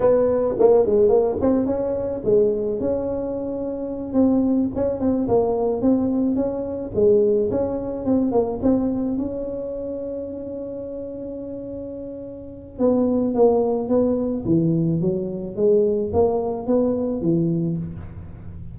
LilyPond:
\new Staff \with { instrumentName = "tuba" } { \time 4/4 \tempo 4 = 108 b4 ais8 gis8 ais8 c'8 cis'4 | gis4 cis'2~ cis'8 c'8~ | c'8 cis'8 c'8 ais4 c'4 cis'8~ | cis'8 gis4 cis'4 c'8 ais8 c'8~ |
c'8 cis'2.~ cis'8~ | cis'2. b4 | ais4 b4 e4 fis4 | gis4 ais4 b4 e4 | }